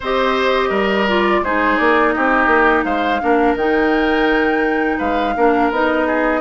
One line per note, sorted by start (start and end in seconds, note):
0.00 0.70 C4
0.00 1.08 G4
0.00 0.69 C5
0.00 1.08 D#5
0.69 1.41 G3
0.69 1.40 A#4
1.08 1.44 F4
1.08 1.43 D5
1.42 1.77 G#3
1.42 3.21 D#4
1.42 2.15 G#4
1.42 1.77 C5
1.77 2.15 A#3
1.77 2.11 D5
2.11 2.46 C4
2.11 2.85 G4
2.11 2.83 D#5
2.46 2.82 A#3
2.83 3.20 G#3
2.83 3.21 C5
2.83 3.55 F5
3.21 3.54 A#3
3.21 3.56 D4
3.21 4.98 A#4
3.54 4.97 D#3
3.54 5.36 D#4
3.54 4.99 G5
4.98 5.35 G#3
4.98 5.33 B4
4.98 5.70 F5
5.36 5.70 A#3
5.36 5.72 D4
5.36 6.07 A#4
5.70 6.40 B3
5.70 6.40 D#4
5.70 6.40 D#5
6.07 6.40 G#4